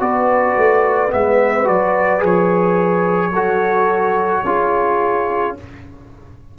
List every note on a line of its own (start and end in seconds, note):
0.00 0.56 B3
0.00 1.09 F#4
0.00 3.32 B4
0.00 1.12 D5
0.57 1.12 A3
1.09 1.69 G#3
1.09 1.64 B3
1.09 1.68 E5
1.64 2.23 F#3
1.64 2.19 F#4
1.64 2.23 D5
2.19 3.31 F3
2.19 3.30 G#4
2.25 5.59 C#5
3.31 4.43 F#3
3.31 4.46 F#4
3.31 4.43 A4
4.45 5.56 C#4
4.45 5.57 F4
4.45 5.56 G#4